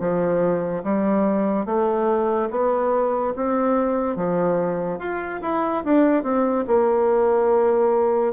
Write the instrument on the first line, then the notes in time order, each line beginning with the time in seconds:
bassoon
0.00 F3
0.84 G3
1.66 A3
2.50 B3
3.36 C4
4.16 F3
4.99 F4
5.42 E4
5.84 D4
6.23 C4
6.67 A#3